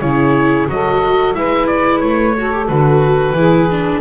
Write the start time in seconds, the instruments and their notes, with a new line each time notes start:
0.00 double bass C#3, viola E4, saxophone G#4, oboe C#5
0.68 double bass F#3, viola F#4, saxophone A4, oboe D#5
1.34 double bass G#3, viola E4, saxophone B4, oboe E5
1.67 oboe D5
1.99 double bass A3, oboe C#5
2.37 viola F#4, saxophone A4
2.52 viola G4
2.67 double bass D3, viola F#4, oboe B4
3.31 double bass E3, viola E4, saxophone G#4
3.70 viola D4